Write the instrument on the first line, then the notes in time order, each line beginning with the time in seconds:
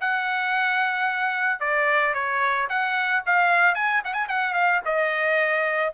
trumpet
0.00 F#5
1.59 D5
2.13 C#5
2.69 F#5
3.26 F5
3.74 G#5
4.04 F#5
4.13 G#5
4.28 F#5
4.53 F5
4.85 D#5